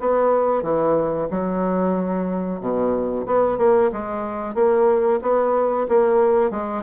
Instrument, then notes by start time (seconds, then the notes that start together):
bassoon
0.00 B3
0.63 E3
1.31 F#3
2.61 B2
3.27 B3
3.58 A#3
3.93 G#3
4.55 A#3
5.22 B3
5.89 A#3
6.51 G#3